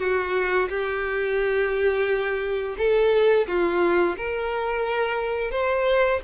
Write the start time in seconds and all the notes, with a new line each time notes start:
0.00 F#4
0.70 G4
2.78 A4
3.48 F4
4.18 A#4
5.51 C5